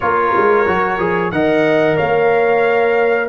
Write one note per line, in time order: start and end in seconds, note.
0.00 0.35 A#3
0.00 0.66 F4
0.00 1.32 A#4
0.00 1.31 C#5
0.36 0.66 G#3
0.66 0.98 F#3
0.66 0.98 F#4
0.98 1.31 F3
0.98 1.31 G#4
1.31 1.97 D#3
1.31 3.28 A#4
1.31 1.96 D#5
1.31 1.97 F#5
1.96 3.28 A#3
1.96 3.28 C#5
1.96 3.28 F5